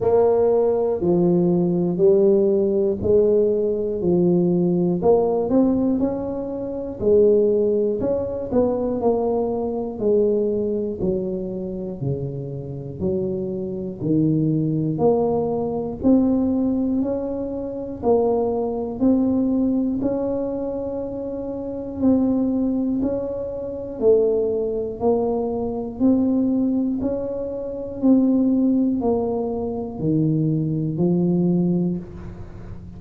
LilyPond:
\new Staff \with { instrumentName = "tuba" } { \time 4/4 \tempo 4 = 60 ais4 f4 g4 gis4 | f4 ais8 c'8 cis'4 gis4 | cis'8 b8 ais4 gis4 fis4 | cis4 fis4 dis4 ais4 |
c'4 cis'4 ais4 c'4 | cis'2 c'4 cis'4 | a4 ais4 c'4 cis'4 | c'4 ais4 dis4 f4 | }